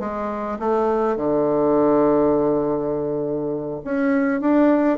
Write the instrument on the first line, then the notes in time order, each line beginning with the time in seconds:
bassoon
0.00 G#3
0.60 A3
1.17 D3
3.84 C#4
4.41 D4